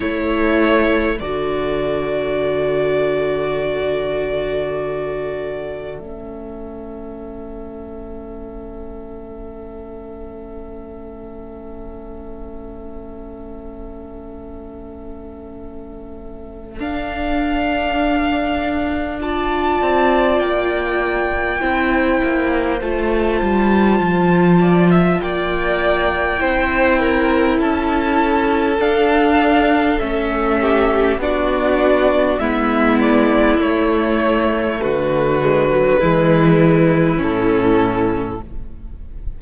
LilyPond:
<<
  \new Staff \with { instrumentName = "violin" } { \time 4/4 \tempo 4 = 50 cis''4 d''2.~ | d''4 e''2.~ | e''1~ | e''2 f''2 |
a''4 g''2 a''4~ | a''4 g''2 a''4 | f''4 e''4 d''4 e''8 d''8 | cis''4 b'2 a'4 | }
  \new Staff \with { instrumentName = "violin" } { \time 4/4 a'1~ | a'1~ | a'1~ | a'1 |
d''2 c''2~ | c''8 d''16 e''16 d''4 c''8 ais'8 a'4~ | a'4. g'8 fis'4 e'4~ | e'4 fis'4 e'2 | }
  \new Staff \with { instrumentName = "viola" } { \time 4/4 e'4 fis'2.~ | fis'4 cis'2.~ | cis'1~ | cis'2 d'2 |
f'2 e'4 f'4~ | f'2 e'2 | d'4 cis'4 d'4 b4 | a4. gis16 fis16 gis4 cis'4 | }
  \new Staff \with { instrumentName = "cello" } { \time 4/4 a4 d2.~ | d4 a2.~ | a1~ | a2 d'2~ |
d'8 c'8 ais4 c'8 ais8 a8 g8 | f4 ais4 c'4 cis'4 | d'4 a4 b4 gis4 | a4 d4 e4 a,4 | }
>>